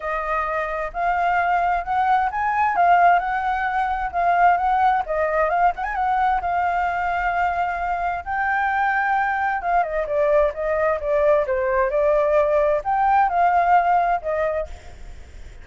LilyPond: \new Staff \with { instrumentName = "flute" } { \time 4/4 \tempo 4 = 131 dis''2 f''2 | fis''4 gis''4 f''4 fis''4~ | fis''4 f''4 fis''4 dis''4 | f''8 fis''16 gis''16 fis''4 f''2~ |
f''2 g''2~ | g''4 f''8 dis''8 d''4 dis''4 | d''4 c''4 d''2 | g''4 f''2 dis''4 | }